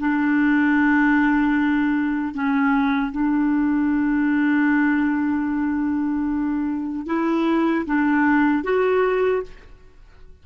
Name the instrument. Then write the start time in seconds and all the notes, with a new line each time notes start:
clarinet
0.00 D4
2.35 C#4
3.12 D4
7.07 E4
7.87 D4
8.64 F#4